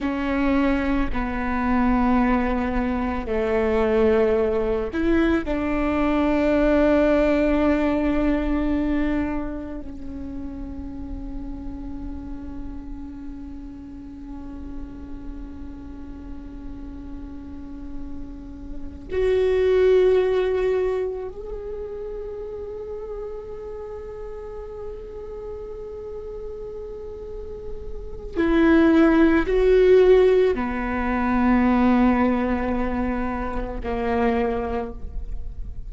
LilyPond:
\new Staff \with { instrumentName = "viola" } { \time 4/4 \tempo 4 = 55 cis'4 b2 a4~ | a8 e'8 d'2.~ | d'4 cis'2.~ | cis'1~ |
cis'4. fis'2 gis'8~ | gis'1~ | gis'2 e'4 fis'4 | b2. ais4 | }